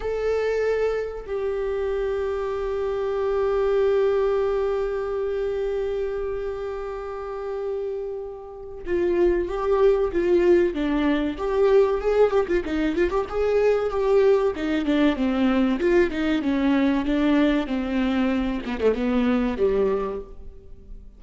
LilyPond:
\new Staff \with { instrumentName = "viola" } { \time 4/4 \tempo 4 = 95 a'2 g'2~ | g'1~ | g'1~ | g'2 f'4 g'4 |
f'4 d'4 g'4 gis'8 g'16 f'16 | dis'8 f'16 g'16 gis'4 g'4 dis'8 d'8 | c'4 f'8 dis'8 cis'4 d'4 | c'4. b16 a16 b4 g4 | }